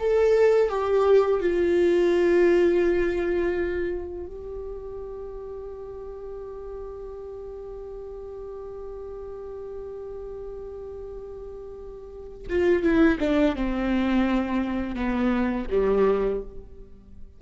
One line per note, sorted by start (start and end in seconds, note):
0.00 0.70 A4
0.70 1.41 G4
1.41 4.27 F4
4.27 12.48 G4
12.50 12.83 F4
12.83 13.19 E4
13.20 13.56 D4
13.56 14.96 C4
14.96 15.67 B3
15.71 16.42 G3